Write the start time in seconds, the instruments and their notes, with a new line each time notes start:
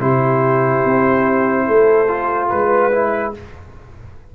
0.00 tuba C3, trombone E4, horn G4, trumpet C5
0.85 tuba C4
1.67 tuba A3, horn A4
2.08 trombone F4
2.50 tuba G#3, trumpet B4, horn B4
2.92 trombone E4